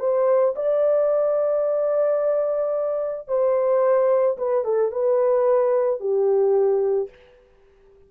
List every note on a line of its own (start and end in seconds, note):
0.00 0.55 C5
0.56 3.28 D5
3.28 4.37 C5
4.38 4.65 B4
4.65 4.92 A4
4.92 6.00 B4
6.00 7.10 G4